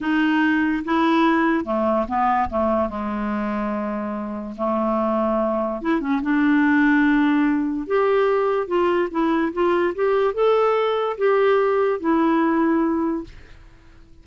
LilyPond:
\new Staff \with { instrumentName = "clarinet" } { \time 4/4 \tempo 4 = 145 dis'2 e'2 | a4 b4 a4 gis4~ | gis2. a4~ | a2 e'8 cis'8 d'4~ |
d'2. g'4~ | g'4 f'4 e'4 f'4 | g'4 a'2 g'4~ | g'4 e'2. | }